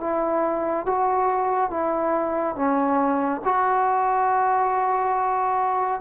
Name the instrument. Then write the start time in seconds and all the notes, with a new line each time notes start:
trombone
0.00 E4
0.86 F#4
1.70 E4
2.55 C#4
3.44 F#4